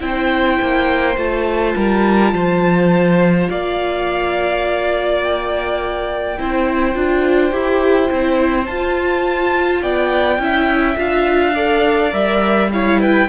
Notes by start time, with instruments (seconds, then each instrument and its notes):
0.00 cello C4, viola E4, violin C5 G5
0.62 cello A#3
1.17 cello A3, viola F4, violin A5
1.76 cello G3, violin A#4
2.33 cello F3, violin C5
3.50 cello A#3, violin D5 F5
5.23 violin G5
6.38 cello C4, viola E4, violin C5
6.95 cello D4, viola F4
7.52 cello E4, viola G4
8.07 cello C4, viola E4
8.66 cello F4, viola F4, violin A5
9.82 cello B3, violin D5 G5
10.38 cello C#4, viola E4, violin E5
10.97 cello D4, viola F4, violin F5
11.55 viola A4, violin D5
12.11 cello G3, viola A#4, violin E5
12.72 viola E4, violin C#5 F5
13.00 violin B4 G5